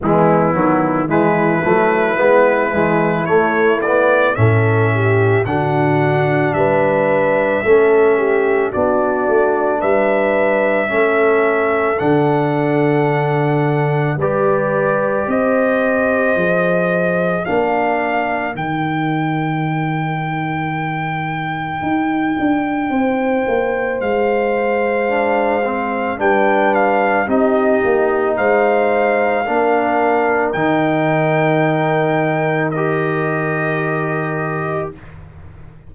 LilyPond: <<
  \new Staff \with { instrumentName = "trumpet" } { \time 4/4 \tempo 4 = 55 e'4 b'2 cis''8 d''8 | e''4 fis''4 e''2 | d''4 e''2 fis''4~ | fis''4 d''4 dis''2 |
f''4 g''2.~ | g''2 f''2 | g''8 f''8 dis''4 f''2 | g''2 dis''2 | }
  \new Staff \with { instrumentName = "horn" } { \time 4/4 b4 e'2. | a'8 g'8 fis'4 b'4 a'8 g'8 | fis'4 b'4 a'2~ | a'4 b'4 c''2 |
ais'1~ | ais'4 c''2. | b'4 g'4 c''4 ais'4~ | ais'1 | }
  \new Staff \with { instrumentName = "trombone" } { \time 4/4 gis8 fis8 gis8 a8 b8 gis8 a8 b8 | cis'4 d'2 cis'4 | d'2 cis'4 d'4~ | d'4 g'2 gis'4 |
d'4 dis'2.~ | dis'2. d'8 c'8 | d'4 dis'2 d'4 | dis'2 g'2 | }
  \new Staff \with { instrumentName = "tuba" } { \time 4/4 e8 dis8 e8 fis8 gis8 e8 a4 | a,4 d4 g4 a4 | b8 a8 g4 a4 d4~ | d4 g4 c'4 f4 |
ais4 dis2. | dis'8 d'8 c'8 ais8 gis2 | g4 c'8 ais8 gis4 ais4 | dis1 | }
>>